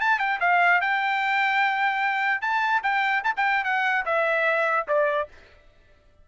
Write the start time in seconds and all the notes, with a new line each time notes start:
0.00 A5
0.19 G5
0.40 F5
0.81 G5
2.41 A5
2.83 G5
3.24 A5
3.36 G5
3.64 F#5
4.05 E5
4.88 D5